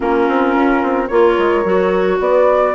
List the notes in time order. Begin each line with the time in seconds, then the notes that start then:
0.00 A#3 C#4 F4 A#4
0.28 C4
0.55 C#4
0.82 C4
1.07 A#3 F4 A#4 C#5
1.38 G#3
1.64 F#3 F#4
2.20 B3 B4 D5